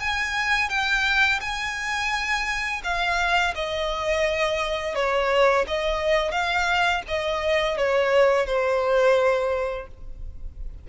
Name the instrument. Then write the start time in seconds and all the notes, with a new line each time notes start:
violin
0.00 G#5
0.69 G5
1.41 G#5
2.84 F5
3.55 D#5
4.95 C#5
5.68 D#5
6.31 F5
7.08 D#5
7.77 C#5
8.46 C5